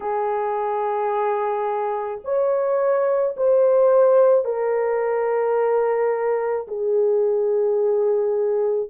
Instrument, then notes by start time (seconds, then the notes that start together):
horn
0.00 G#4
2.24 C#5
3.36 C5
4.44 A#4
6.67 G#4